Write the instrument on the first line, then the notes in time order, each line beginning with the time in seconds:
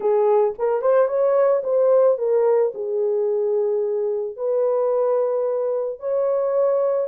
horn
0.00 G#4
0.58 A#4
0.81 C5
1.08 C#5
1.63 C5
2.18 A#4
2.74 G#4
4.36 B4
5.99 C#5